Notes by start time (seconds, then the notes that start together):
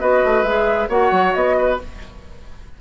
0.00 B3 F#4 B4 D#5
0.24 A3
0.43 G#3 G#4 E5
0.89 A#3 F#4 C#5 F#5
1.11 F#3
1.34 B3 D#5
1.58 B4